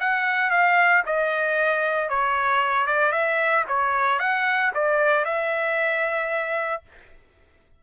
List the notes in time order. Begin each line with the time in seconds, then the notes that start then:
0.00 F#5
0.50 F5
1.06 D#5
2.09 C#5
2.87 D5
3.12 E5
3.68 C#5
4.19 F#5
4.74 D5
5.25 E5